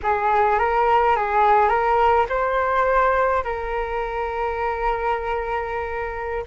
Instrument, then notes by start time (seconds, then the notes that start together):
flute
0.03 G#4
0.58 A#4
1.16 G#4
1.69 A#4
2.29 C5
3.44 A#4